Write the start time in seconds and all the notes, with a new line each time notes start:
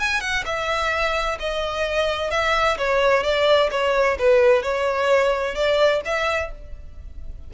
0.00 G#5
0.21 F#5
0.46 E5
1.40 D#5
2.31 E5
2.78 C#5
3.24 D5
3.71 C#5
4.19 B4
4.63 C#5
5.55 D5
6.05 E5